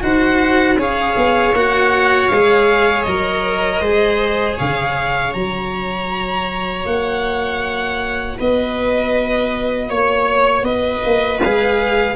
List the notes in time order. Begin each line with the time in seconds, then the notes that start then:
0.00 D#4 F#4 C5 F#5
0.76 C#4 G#4 C#5 F5
1.16 B3
1.52 A#3 F#4 F#5
2.28 G#3 G#4 F5
3.02 F#3 A#4 D#5
3.80 G#3 G#4 C5
4.56 C#3 C#5 F5
5.31 F#3 F#4 A#5
6.85 A#3 F#5
8.37 B3 B4 D#5
9.89 A#3 C#5
10.62 B3 B4 D#5
11.05 A#3
11.41 G#3 G#4 F5